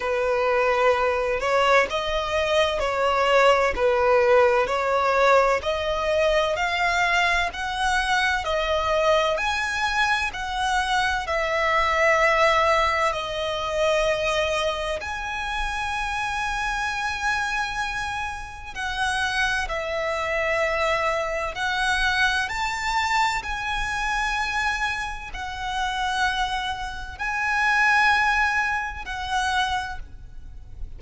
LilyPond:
\new Staff \with { instrumentName = "violin" } { \time 4/4 \tempo 4 = 64 b'4. cis''8 dis''4 cis''4 | b'4 cis''4 dis''4 f''4 | fis''4 dis''4 gis''4 fis''4 | e''2 dis''2 |
gis''1 | fis''4 e''2 fis''4 | a''4 gis''2 fis''4~ | fis''4 gis''2 fis''4 | }